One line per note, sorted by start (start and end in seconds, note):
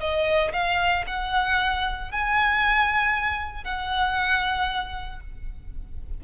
0.00 0.52 D#5
0.53 1.05 F5
1.07 2.11 F#5
2.11 3.64 G#5
3.64 5.21 F#5